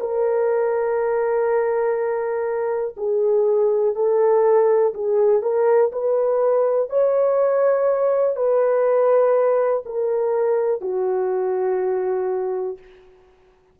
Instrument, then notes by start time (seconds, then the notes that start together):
horn
0.00 A#4
2.97 G#4
3.95 A4
4.94 G#4
5.42 A#4
5.92 B4
6.90 C#5
8.36 B4
9.86 A#4
10.82 F#4